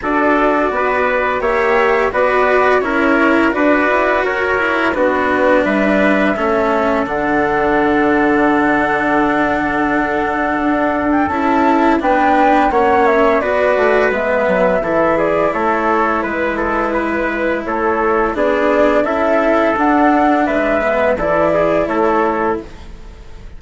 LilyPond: <<
  \new Staff \with { instrumentName = "flute" } { \time 4/4 \tempo 4 = 85 d''2 e''4 d''4 | cis''4 d''4 cis''4 b'4 | e''2 fis''2~ | fis''2.~ fis''8. g''16 |
a''4 g''4 fis''8 e''8 d''4 | e''4. d''8 cis''4 b'4~ | b'4 cis''4 d''4 e''4 | fis''4 e''4 d''4 cis''4 | }
  \new Staff \with { instrumentName = "trumpet" } { \time 4/4 a'4 b'4 cis''4 b'4 | ais'4 b'4 ais'4 fis'4 | b'4 a'2.~ | a'1~ |
a'4 b'4 cis''4 b'4~ | b'4 a'8 gis'8 a'4 b'8 a'8 | b'4 a'4 gis'4 a'4~ | a'4 b'4 a'8 gis'8 a'4 | }
  \new Staff \with { instrumentName = "cello" } { \time 4/4 fis'2 g'4 fis'4 | e'4 fis'4. e'8 d'4~ | d'4 cis'4 d'2~ | d'1 |
e'4 d'4 cis'4 fis'4 | b4 e'2.~ | e'2 d'4 e'4 | d'4. b8 e'2 | }
  \new Staff \with { instrumentName = "bassoon" } { \time 4/4 d'4 b4 ais4 b4 | cis'4 d'8 e'8 fis'4 b4 | g4 a4 d2~ | d2. d'4 |
cis'4 b4 ais4 b8 a8 | gis8 fis8 e4 a4 gis4~ | gis4 a4 b4 cis'4 | d'4 gis4 e4 a4 | }
>>